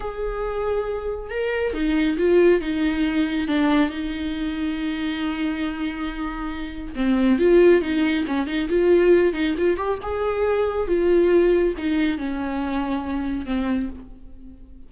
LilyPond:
\new Staff \with { instrumentName = "viola" } { \time 4/4 \tempo 4 = 138 gis'2. ais'4 | dis'4 f'4 dis'2 | d'4 dis'2.~ | dis'1 |
c'4 f'4 dis'4 cis'8 dis'8 | f'4. dis'8 f'8 g'8 gis'4~ | gis'4 f'2 dis'4 | cis'2. c'4 | }